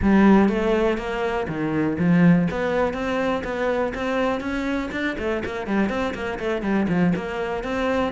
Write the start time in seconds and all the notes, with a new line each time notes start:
0.02 G3
0.49 A3
0.97 A#3
1.48 D#3
1.98 F3
2.50 B3
2.93 C4
3.44 B3
3.94 C4
4.40 C#4
4.91 D4
5.18 A3
5.45 A#3
5.66 G3
5.89 C4
6.14 A#3
6.39 A3
6.62 G3
6.88 F3
7.15 A#3
7.63 C4